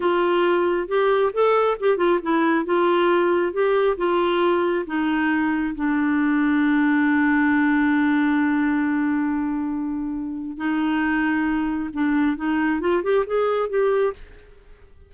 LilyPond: \new Staff \with { instrumentName = "clarinet" } { \time 4/4 \tempo 4 = 136 f'2 g'4 a'4 | g'8 f'8 e'4 f'2 | g'4 f'2 dis'4~ | dis'4 d'2.~ |
d'1~ | d'1 | dis'2. d'4 | dis'4 f'8 g'8 gis'4 g'4 | }